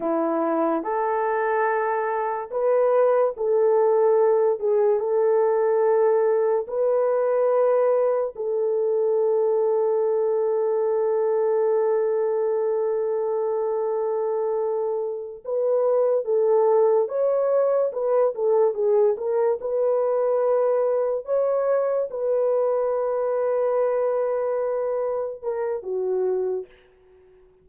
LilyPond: \new Staff \with { instrumentName = "horn" } { \time 4/4 \tempo 4 = 72 e'4 a'2 b'4 | a'4. gis'8 a'2 | b'2 a'2~ | a'1~ |
a'2~ a'8 b'4 a'8~ | a'8 cis''4 b'8 a'8 gis'8 ais'8 b'8~ | b'4. cis''4 b'4.~ | b'2~ b'8 ais'8 fis'4 | }